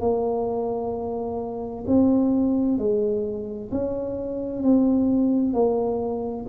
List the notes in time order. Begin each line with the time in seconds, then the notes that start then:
0.00 A#3
1.87 C4
2.78 G#3
3.71 C#4
4.62 C4
5.53 A#3